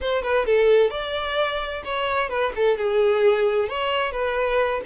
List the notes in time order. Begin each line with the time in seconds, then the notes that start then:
0.01 C5
0.22 B4
0.45 A4
0.90 D5
1.84 C#5
2.29 B4
2.55 A4
2.77 G#4
3.68 C#5
4.11 B4